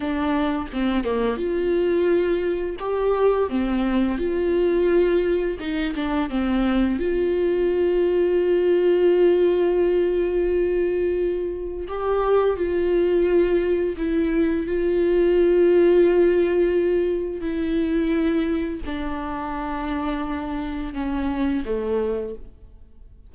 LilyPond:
\new Staff \with { instrumentName = "viola" } { \time 4/4 \tempo 4 = 86 d'4 c'8 ais8 f'2 | g'4 c'4 f'2 | dis'8 d'8 c'4 f'2~ | f'1~ |
f'4 g'4 f'2 | e'4 f'2.~ | f'4 e'2 d'4~ | d'2 cis'4 a4 | }